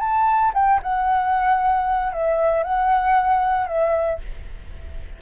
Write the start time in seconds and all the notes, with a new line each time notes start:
0.00 A5
0.54 G5
0.83 F#5
2.13 E5
2.64 F#5
3.67 E5